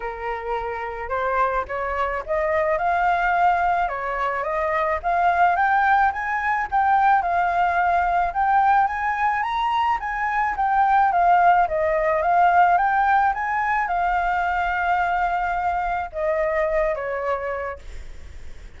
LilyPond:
\new Staff \with { instrumentName = "flute" } { \time 4/4 \tempo 4 = 108 ais'2 c''4 cis''4 | dis''4 f''2 cis''4 | dis''4 f''4 g''4 gis''4 | g''4 f''2 g''4 |
gis''4 ais''4 gis''4 g''4 | f''4 dis''4 f''4 g''4 | gis''4 f''2.~ | f''4 dis''4. cis''4. | }